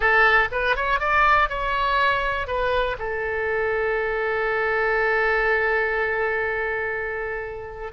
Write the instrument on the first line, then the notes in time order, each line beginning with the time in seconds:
oboe
0.00 A4
0.51 B4
0.76 C#5
0.99 D5
1.49 C#5
2.47 B4
2.98 A4